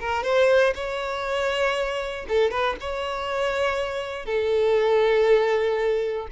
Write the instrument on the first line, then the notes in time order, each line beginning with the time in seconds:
violin
0.00 A#4
0.23 C5
0.75 C#5
2.28 A4
2.51 B4
2.81 C#5
4.26 A4